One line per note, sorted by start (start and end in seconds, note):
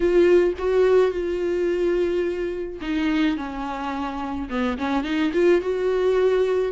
0.00 0.53 F4
0.58 1.11 F#4
1.11 2.79 F4
2.81 3.36 D#4
3.36 4.49 C#4
4.49 4.77 B3
4.77 5.03 C#4
5.03 5.31 D#4
5.33 5.61 F4
5.61 6.72 F#4